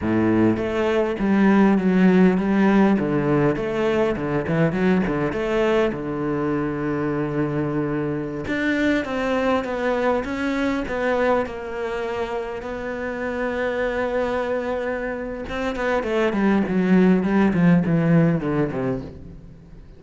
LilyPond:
\new Staff \with { instrumentName = "cello" } { \time 4/4 \tempo 4 = 101 a,4 a4 g4 fis4 | g4 d4 a4 d8 e8 | fis8 d8 a4 d2~ | d2~ d16 d'4 c'8.~ |
c'16 b4 cis'4 b4 ais8.~ | ais4~ ais16 b2~ b8.~ | b2 c'8 b8 a8 g8 | fis4 g8 f8 e4 d8 c8 | }